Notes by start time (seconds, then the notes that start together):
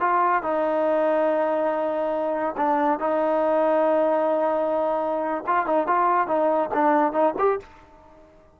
0.00 F4
0.42 D#4
2.57 D4
2.99 D#4
5.46 F4
5.66 D#4
5.86 F4
6.27 D#4
6.73 D4
7.12 D#4
7.38 G4